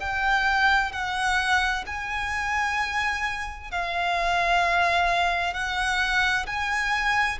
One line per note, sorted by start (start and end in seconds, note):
0.00 0.92 G5
0.92 1.85 F#5
1.87 3.71 G#5
3.71 5.54 F5
5.54 6.46 F#5
6.47 7.39 G#5